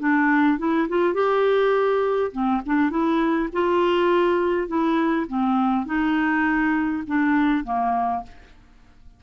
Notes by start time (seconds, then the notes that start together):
0.00 D4
0.59 E4
0.89 F4
1.14 G4
2.32 C4
2.66 D4
2.91 E4
3.53 F4
4.68 E4
5.28 C4
5.86 D#4
7.07 D4
7.65 A#3